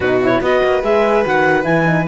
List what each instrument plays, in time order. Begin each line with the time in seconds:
0.00 cello B2, horn D#4, violin F#4, clarinet B4
0.22 horn E4, clarinet C#5
0.41 cello B3, horn F#4, violin B4, clarinet D#5
0.63 cello A#3
0.83 cello G#3, horn G#4, clarinet E5
1.24 cello D#3, horn F#4, clarinet F#5
1.63 cello E3, horn E4, clarinet G#5
1.85 horn D#4